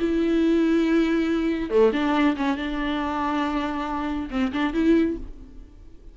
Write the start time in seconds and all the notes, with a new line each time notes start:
0.00 E4
1.71 A3
1.93 D4
2.37 C#4
2.57 D4
4.31 C4
4.53 D4
4.74 E4